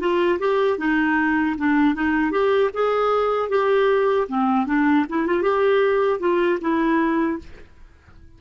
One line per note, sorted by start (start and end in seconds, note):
0.00 0.39 F4
0.39 0.78 G4
0.78 1.56 D#4
1.58 1.95 D4
1.95 2.31 D#4
2.31 2.70 G4
2.74 3.49 G#4
3.49 4.27 G4
4.28 4.66 C4
4.66 5.05 D4
5.09 5.27 E4
5.27 5.42 F4
5.42 6.20 G4
6.20 6.59 F4
6.61 7.38 E4